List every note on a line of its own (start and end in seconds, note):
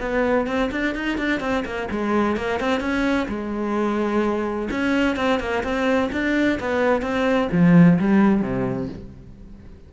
0.00 0.47 B3
0.47 0.70 C4
0.71 0.95 D4
0.95 1.18 D#4
1.18 1.40 D4
1.40 1.64 C4
1.65 1.89 A#3
1.91 2.37 G#3
2.37 2.60 A#3
2.60 2.80 C4
2.80 3.27 C#4
3.28 4.69 G#3
4.71 5.16 C#4
5.16 5.40 C4
5.40 5.63 A#3
5.63 6.10 C4
6.12 6.59 D4
6.60 7.02 B3
7.02 7.49 C4
7.52 7.99 F3
7.99 8.42 G3
8.42 8.88 C3